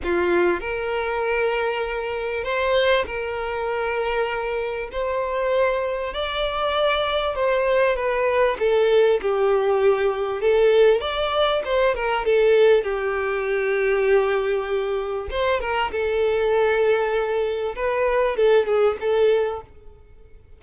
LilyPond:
\new Staff \with { instrumentName = "violin" } { \time 4/4 \tempo 4 = 98 f'4 ais'2. | c''4 ais'2. | c''2 d''2 | c''4 b'4 a'4 g'4~ |
g'4 a'4 d''4 c''8 ais'8 | a'4 g'2.~ | g'4 c''8 ais'8 a'2~ | a'4 b'4 a'8 gis'8 a'4 | }